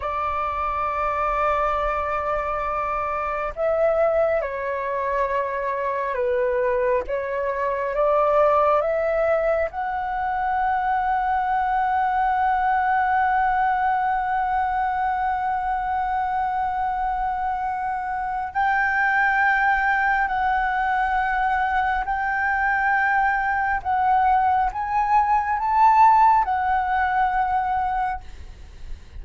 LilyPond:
\new Staff \with { instrumentName = "flute" } { \time 4/4 \tempo 4 = 68 d''1 | e''4 cis''2 b'4 | cis''4 d''4 e''4 fis''4~ | fis''1~ |
fis''1~ | fis''4 g''2 fis''4~ | fis''4 g''2 fis''4 | gis''4 a''4 fis''2 | }